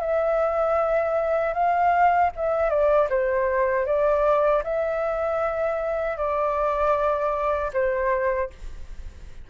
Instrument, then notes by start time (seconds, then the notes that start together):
flute
0.00 E5
1.53 F5
2.36 E5
2.69 D5
3.09 C5
3.86 D5
4.63 E5
6.17 D5
7.73 C5